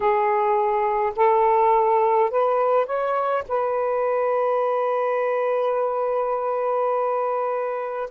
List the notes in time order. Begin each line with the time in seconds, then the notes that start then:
0.00 G#4
1.15 A4
2.30 B4
2.85 C#5
3.48 B4